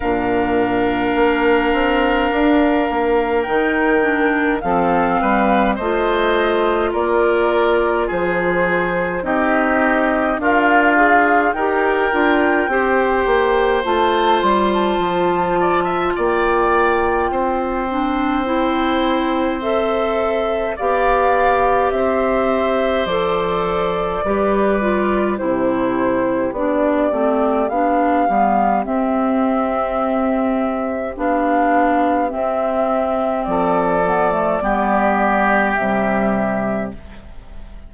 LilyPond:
<<
  \new Staff \with { instrumentName = "flute" } { \time 4/4 \tempo 4 = 52 f''2. g''4 | f''4 dis''4 d''4 c''4 | dis''4 f''4 g''2 | a''8 c'''16 a''4~ a''16 g''2~ |
g''4 e''4 f''4 e''4 | d''2 c''4 d''4 | f''4 e''2 f''4 | e''4 d''2 e''4 | }
  \new Staff \with { instrumentName = "oboe" } { \time 4/4 ais'1 | a'8 b'8 c''4 ais'4 gis'4 | g'4 f'4 ais'4 c''4~ | c''4. d''16 e''16 d''4 c''4~ |
c''2 d''4 c''4~ | c''4 b'4 g'2~ | g'1~ | g'4 a'4 g'2 | }
  \new Staff \with { instrumentName = "clarinet" } { \time 4/4 d'2. dis'8 d'8 | c'4 f'2. | dis'4 ais'8 gis'8 g'8 f'8 g'4 | f'2.~ f'8 d'8 |
e'4 a'4 g'2 | a'4 g'8 f'8 e'4 d'8 c'8 | d'8 b8 c'2 d'4 | c'4. b16 a16 b4 g4 | }
  \new Staff \with { instrumentName = "bassoon" } { \time 4/4 ais,4 ais8 c'8 d'8 ais8 dis4 | f8 g8 a4 ais4 f4 | c'4 d'4 dis'8 d'8 c'8 ais8 | a8 g8 f4 ais4 c'4~ |
c'2 b4 c'4 | f4 g4 c4 b8 a8 | b8 g8 c'2 b4 | c'4 f4 g4 c4 | }
>>